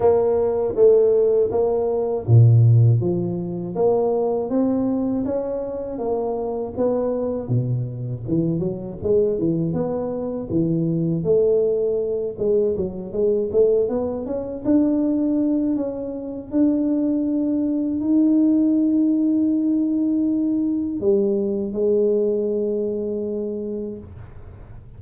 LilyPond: \new Staff \with { instrumentName = "tuba" } { \time 4/4 \tempo 4 = 80 ais4 a4 ais4 ais,4 | f4 ais4 c'4 cis'4 | ais4 b4 b,4 e8 fis8 | gis8 e8 b4 e4 a4~ |
a8 gis8 fis8 gis8 a8 b8 cis'8 d'8~ | d'4 cis'4 d'2 | dis'1 | g4 gis2. | }